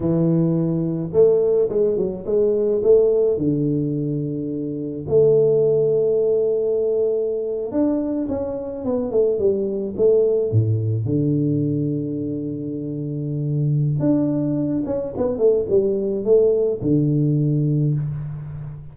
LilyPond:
\new Staff \with { instrumentName = "tuba" } { \time 4/4 \tempo 4 = 107 e2 a4 gis8 fis8 | gis4 a4 d2~ | d4 a2.~ | a4.~ a16 d'4 cis'4 b16~ |
b16 a8 g4 a4 a,4 d16~ | d1~ | d4 d'4. cis'8 b8 a8 | g4 a4 d2 | }